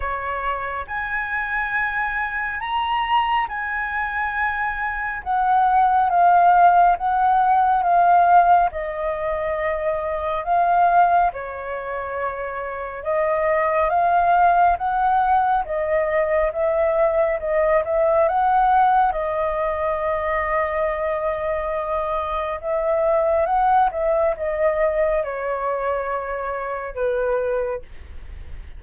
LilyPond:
\new Staff \with { instrumentName = "flute" } { \time 4/4 \tempo 4 = 69 cis''4 gis''2 ais''4 | gis''2 fis''4 f''4 | fis''4 f''4 dis''2 | f''4 cis''2 dis''4 |
f''4 fis''4 dis''4 e''4 | dis''8 e''8 fis''4 dis''2~ | dis''2 e''4 fis''8 e''8 | dis''4 cis''2 b'4 | }